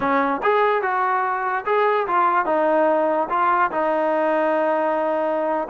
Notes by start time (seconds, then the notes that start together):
0.00 C#4
0.43 G#4
0.81 F#4
1.65 G#4
2.07 F4
2.45 D#4
3.29 F4
3.71 D#4